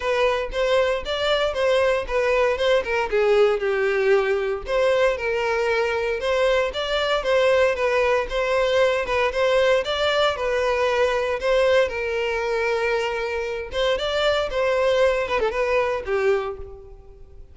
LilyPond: \new Staff \with { instrumentName = "violin" } { \time 4/4 \tempo 4 = 116 b'4 c''4 d''4 c''4 | b'4 c''8 ais'8 gis'4 g'4~ | g'4 c''4 ais'2 | c''4 d''4 c''4 b'4 |
c''4. b'8 c''4 d''4 | b'2 c''4 ais'4~ | ais'2~ ais'8 c''8 d''4 | c''4. b'16 a'16 b'4 g'4 | }